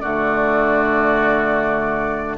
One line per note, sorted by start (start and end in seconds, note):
0.00 2.38 D3
0.00 2.38 A3
0.00 2.38 F#4
0.00 2.36 D5